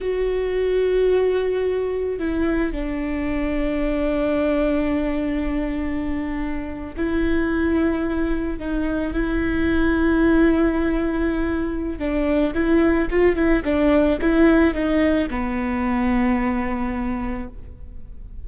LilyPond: \new Staff \with { instrumentName = "viola" } { \time 4/4 \tempo 4 = 110 fis'1 | e'4 d'2.~ | d'1~ | d'8. e'2. dis'16~ |
dis'8. e'2.~ e'16~ | e'2 d'4 e'4 | f'8 e'8 d'4 e'4 dis'4 | b1 | }